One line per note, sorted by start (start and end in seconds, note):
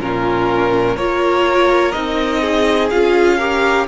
0.00 0.96 A#2
0.00 0.97 C#4
0.00 0.96 F4
0.00 0.97 A#4
0.96 1.93 A#3
0.96 1.94 F4
0.96 2.41 A#4
0.96 1.92 C#5
1.92 2.92 C4
1.92 2.90 D#4
1.92 2.88 D#5
2.41 3.37 G#4
2.90 3.87 C#4
2.90 3.39 F4
2.90 3.86 F5
3.37 3.87 G4
3.37 3.86 A#4